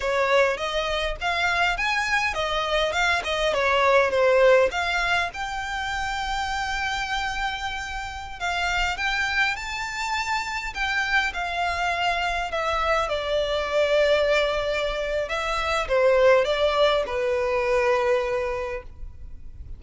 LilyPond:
\new Staff \with { instrumentName = "violin" } { \time 4/4 \tempo 4 = 102 cis''4 dis''4 f''4 gis''4 | dis''4 f''8 dis''8 cis''4 c''4 | f''4 g''2.~ | g''2~ g''16 f''4 g''8.~ |
g''16 a''2 g''4 f''8.~ | f''4~ f''16 e''4 d''4.~ d''16~ | d''2 e''4 c''4 | d''4 b'2. | }